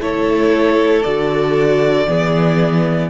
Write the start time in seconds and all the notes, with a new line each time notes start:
0.00 A3 E4 A4 C#5
1.03 D3 F#4 D5
2.07 E3 B3 G#4